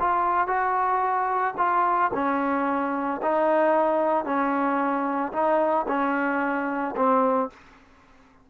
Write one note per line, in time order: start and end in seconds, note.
0.00 0.47 F4
0.47 1.55 F#4
1.58 2.11 F4
2.14 3.21 C#4
3.22 4.25 D#4
4.25 5.32 C#4
5.33 5.86 D#4
5.88 6.95 C#4
6.96 7.50 C4